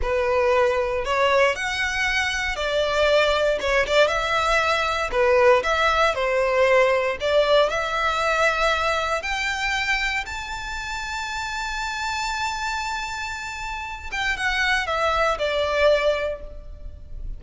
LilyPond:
\new Staff \with { instrumentName = "violin" } { \time 4/4 \tempo 4 = 117 b'2 cis''4 fis''4~ | fis''4 d''2 cis''8 d''8 | e''2 b'4 e''4 | c''2 d''4 e''4~ |
e''2 g''2 | a''1~ | a''2.~ a''8 g''8 | fis''4 e''4 d''2 | }